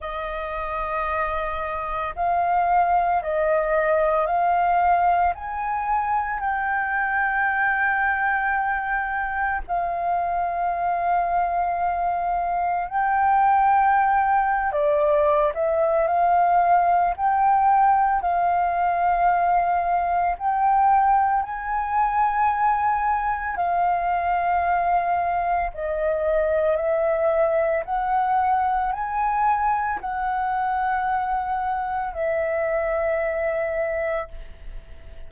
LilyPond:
\new Staff \with { instrumentName = "flute" } { \time 4/4 \tempo 4 = 56 dis''2 f''4 dis''4 | f''4 gis''4 g''2~ | g''4 f''2. | g''4.~ g''16 d''8. e''8 f''4 |
g''4 f''2 g''4 | gis''2 f''2 | dis''4 e''4 fis''4 gis''4 | fis''2 e''2 | }